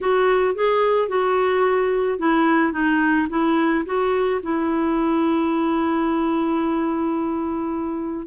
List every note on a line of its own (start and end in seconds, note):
0.01 0.55 F#4
0.55 1.08 G#4
1.08 2.18 F#4
2.18 2.72 E4
2.72 3.27 D#4
3.29 3.84 E4
3.85 4.40 F#4
4.43 8.26 E4